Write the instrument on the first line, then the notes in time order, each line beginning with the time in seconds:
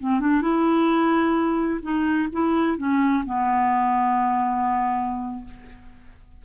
clarinet
0.00 C4
0.20 D4
0.42 E4
1.83 D#4
2.33 E4
2.78 C#4
3.26 B3